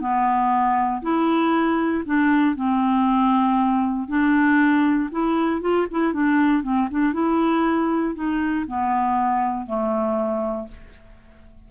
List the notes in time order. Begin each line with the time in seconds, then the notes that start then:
0.00 B3
1.02 E4
2.06 D4
2.56 C4
4.08 D4
5.11 E4
5.61 F4
5.91 E4
6.13 D4
6.63 C4
6.91 D4
7.13 E4
8.14 D#4
8.67 B3
9.66 A3